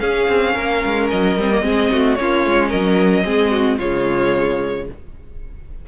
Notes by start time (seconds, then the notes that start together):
0.00 C#4 G#4 F5
0.28 C4
0.55 A#3 A#4
0.85 G#3
1.10 F#3 D#5
1.37 G3 C4
1.51 A#3
1.62 G#3 C4 G#4
1.92 A3 F#4
2.15 A#3 C#4 C#5
2.21 F4
2.46 G#3
2.69 F#3 A#4 D#5
3.25 G#3 C4 G#4
3.51 F#4
3.78 C#3 G#3 F4 C#5